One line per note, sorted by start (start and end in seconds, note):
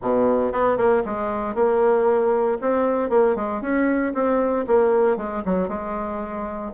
0.02 0.52 B2
0.52 0.77 B3
0.77 1.03 A#3
1.05 1.54 G#3
1.54 2.58 A#3
2.61 3.09 C4
3.09 3.35 A#3
3.35 3.61 G#3
3.61 4.13 C#4
4.14 4.65 C4
4.67 5.16 A#3
5.16 5.42 G#3
5.45 5.68 F#3
5.68 6.71 G#3